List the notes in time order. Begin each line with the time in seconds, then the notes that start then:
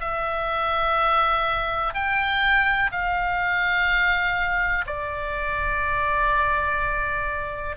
0.00 E5
1.94 G5
2.92 F5
4.87 D5